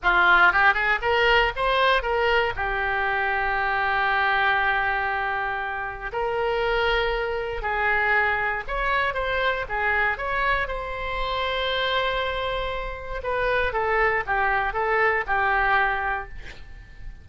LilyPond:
\new Staff \with { instrumentName = "oboe" } { \time 4/4 \tempo 4 = 118 f'4 g'8 gis'8 ais'4 c''4 | ais'4 g'2.~ | g'1 | ais'2. gis'4~ |
gis'4 cis''4 c''4 gis'4 | cis''4 c''2.~ | c''2 b'4 a'4 | g'4 a'4 g'2 | }